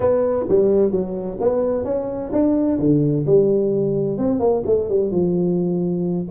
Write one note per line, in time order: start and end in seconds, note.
0.00 0.45 B3
0.49 0.91 G3
0.91 1.38 F#3
1.40 1.84 B3
1.84 2.31 C#4
2.32 2.78 D4
2.79 3.25 D3
3.26 4.18 G3
4.18 4.39 C4
4.39 4.62 A#3
4.66 4.89 A3
4.89 5.11 G3
5.11 6.27 F3